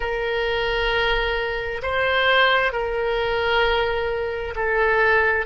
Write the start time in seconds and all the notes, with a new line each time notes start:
0.00 A#4
1.82 C5
2.72 A#4
4.55 A4